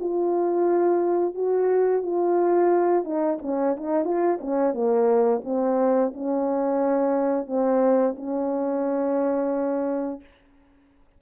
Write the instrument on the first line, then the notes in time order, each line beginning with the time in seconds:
horn
0.00 F4
1.35 F#4
2.03 F4
3.04 D#4
3.42 C#4
3.77 D#4
4.05 F4
4.41 C#4
4.74 A#3
5.45 C4
6.14 C#4
7.47 C4
8.16 C#4